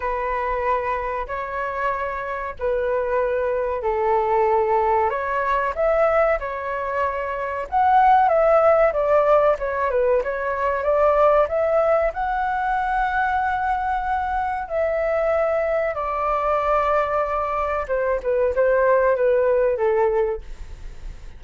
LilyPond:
\new Staff \with { instrumentName = "flute" } { \time 4/4 \tempo 4 = 94 b'2 cis''2 | b'2 a'2 | cis''4 e''4 cis''2 | fis''4 e''4 d''4 cis''8 b'8 |
cis''4 d''4 e''4 fis''4~ | fis''2. e''4~ | e''4 d''2. | c''8 b'8 c''4 b'4 a'4 | }